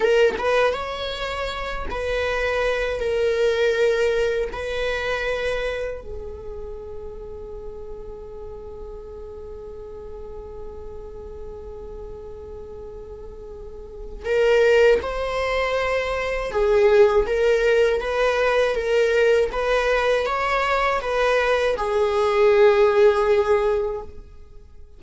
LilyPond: \new Staff \with { instrumentName = "viola" } { \time 4/4 \tempo 4 = 80 ais'8 b'8 cis''4. b'4. | ais'2 b'2 | gis'1~ | gis'1~ |
gis'2. ais'4 | c''2 gis'4 ais'4 | b'4 ais'4 b'4 cis''4 | b'4 gis'2. | }